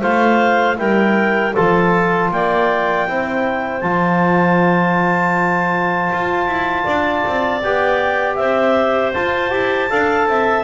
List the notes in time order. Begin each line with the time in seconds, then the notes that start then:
0.00 A3 F4 C5 F5
0.77 G3 E4 A#4 G5
1.54 F3 F4 A4 A5
2.31 A#3 D5 G5
3.07 C4 E4 C5
3.81 F3 F4 A5
6.13 F4
6.47 E4
6.84 D4 D5
7.27 C4
7.63 B3 G4 G5
8.36 C4 C5 E5
9.14 F4 A5
9.50 E4 G4
9.90 D4 A4 F5
10.27 C4 E5